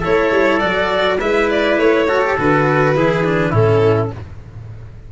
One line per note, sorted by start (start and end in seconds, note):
0.00 0.31 A3
0.00 0.60 E4
0.00 1.17 A4
0.00 0.59 C#5
0.31 0.60 G3
0.59 1.19 F#3
0.59 1.18 F#4
0.59 1.17 D5
1.19 1.78 G#3
1.19 2.07 E4
1.19 2.06 B4
1.19 1.49 E5
1.50 1.79 D5
1.78 2.36 A3
1.78 2.37 C#5
2.07 2.22 F#4
2.07 2.95 A4
2.22 2.37 G4
2.37 2.96 D3
2.37 2.95 F#4
2.37 3.54 B4
2.95 3.52 E3
2.95 3.24 E4
2.95 3.50 G#4
3.24 3.53 D4
3.50 4.10 A2
3.50 4.11 C#4
3.50 4.08 E4
3.50 4.12 A4